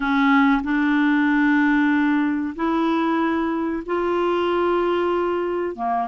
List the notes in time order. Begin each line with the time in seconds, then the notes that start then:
0.00 C#4
0.63 D4
2.55 E4
3.86 F4
5.75 A#3